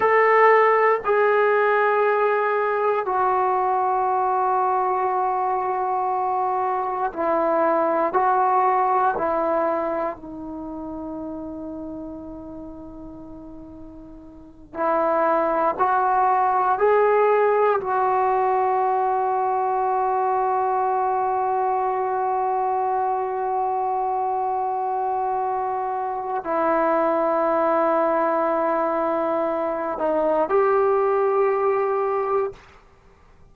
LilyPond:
\new Staff \with { instrumentName = "trombone" } { \time 4/4 \tempo 4 = 59 a'4 gis'2 fis'4~ | fis'2. e'4 | fis'4 e'4 dis'2~ | dis'2~ dis'8 e'4 fis'8~ |
fis'8 gis'4 fis'2~ fis'8~ | fis'1~ | fis'2 e'2~ | e'4. dis'8 g'2 | }